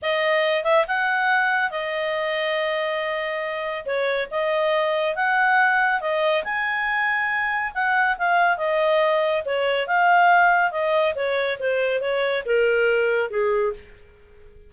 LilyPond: \new Staff \with { instrumentName = "clarinet" } { \time 4/4 \tempo 4 = 140 dis''4. e''8 fis''2 | dis''1~ | dis''4 cis''4 dis''2 | fis''2 dis''4 gis''4~ |
gis''2 fis''4 f''4 | dis''2 cis''4 f''4~ | f''4 dis''4 cis''4 c''4 | cis''4 ais'2 gis'4 | }